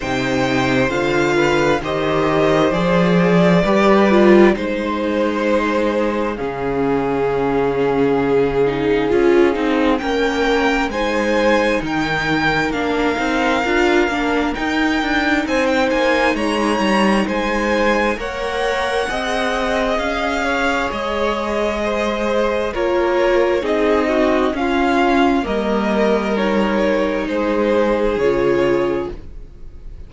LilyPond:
<<
  \new Staff \with { instrumentName = "violin" } { \time 4/4 \tempo 4 = 66 g''4 f''4 dis''4 d''4~ | d''4 c''2 f''4~ | f''2. g''4 | gis''4 g''4 f''2 |
g''4 gis''16 g''16 gis''8 ais''4 gis''4 | fis''2 f''4 dis''4~ | dis''4 cis''4 dis''4 f''4 | dis''4 cis''4 c''4 cis''4 | }
  \new Staff \with { instrumentName = "violin" } { \time 4/4 c''4. b'8 c''2 | b'4 c''2 gis'4~ | gis'2. ais'4 | c''4 ais'2.~ |
ais'4 c''4 cis''4 c''4 | cis''4 dis''4. cis''4. | c''4 ais'4 gis'8 fis'8 f'4 | ais'2 gis'2 | }
  \new Staff \with { instrumentName = "viola" } { \time 4/4 dis'4 f'4 g'4 gis'4 | g'8 f'8 dis'2 cis'4~ | cis'4. dis'8 f'8 dis'8 cis'4 | dis'2 d'8 dis'8 f'8 d'8 |
dis'1 | ais'4 gis'2.~ | gis'4 f'4 dis'4 cis'4 | ais4 dis'2 f'4 | }
  \new Staff \with { instrumentName = "cello" } { \time 4/4 c4 d4 dis4 f4 | g4 gis2 cis4~ | cis2 cis'8 c'8 ais4 | gis4 dis4 ais8 c'8 d'8 ais8 |
dis'8 d'8 c'8 ais8 gis8 g8 gis4 | ais4 c'4 cis'4 gis4~ | gis4 ais4 c'4 cis'4 | g2 gis4 cis4 | }
>>